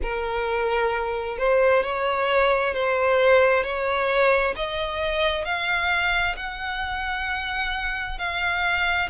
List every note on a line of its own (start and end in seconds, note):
0.02 1.38 A#4
1.38 1.83 C5
1.83 2.74 C#5
2.74 3.63 C5
3.63 4.54 C#5
4.55 5.44 D#5
5.44 6.35 F5
6.36 8.18 F#5
8.18 9.09 F5